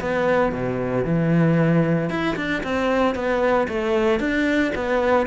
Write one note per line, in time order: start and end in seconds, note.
0.00 0.52 B3
0.52 1.04 B2
1.04 2.09 E3
2.09 2.36 E4
2.36 2.62 D4
2.63 3.15 C4
3.15 3.67 B3
3.68 4.19 A3
4.19 4.72 D4
4.75 5.26 B3